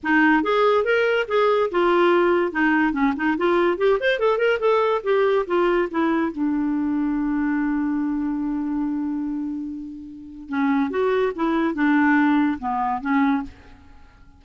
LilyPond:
\new Staff \with { instrumentName = "clarinet" } { \time 4/4 \tempo 4 = 143 dis'4 gis'4 ais'4 gis'4 | f'2 dis'4 cis'8 dis'8 | f'4 g'8 c''8 a'8 ais'8 a'4 | g'4 f'4 e'4 d'4~ |
d'1~ | d'1~ | d'4 cis'4 fis'4 e'4 | d'2 b4 cis'4 | }